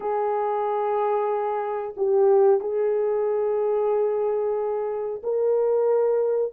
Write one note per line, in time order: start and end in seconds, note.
0.00 1.94 G#4
1.96 2.60 G4
2.60 5.21 G#4
5.23 6.52 A#4